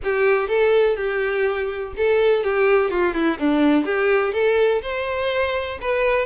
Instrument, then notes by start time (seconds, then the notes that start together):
violin
0.03 G4
0.48 A4
0.96 G4
1.96 A4
2.43 G4
2.90 F4
3.13 E4
3.38 D4
3.85 G4
4.33 A4
4.82 C5
5.81 B4